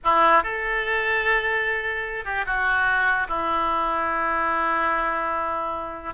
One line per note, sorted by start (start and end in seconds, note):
0.03 0.43 E4
0.43 2.24 A4
2.24 2.45 G4
2.46 3.27 F#4
3.28 6.13 E4